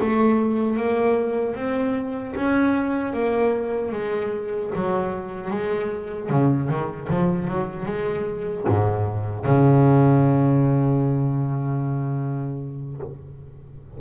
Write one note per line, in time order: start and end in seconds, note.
0.00 0.77 A3
0.77 1.55 A#3
1.55 2.34 C4
2.36 3.13 C#4
3.13 3.92 A#3
3.92 4.71 G#3
4.75 5.51 F#3
5.51 6.30 G#3
6.30 6.69 C#3
6.69 7.08 D#3
7.10 7.48 F3
7.48 7.86 F#3
7.86 8.64 G#3
8.68 9.45 G#2
9.45 13.00 C#3